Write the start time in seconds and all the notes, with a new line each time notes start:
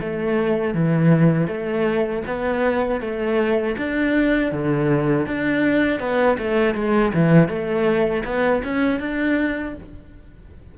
0.00 A3
0.74 E3
1.47 A3
2.26 B3
3.00 A3
3.77 D4
4.52 D3
5.26 D4
6.00 B3
6.38 A3
6.74 G#3
7.14 E3
7.48 A3
8.24 B3
8.63 C#4
8.99 D4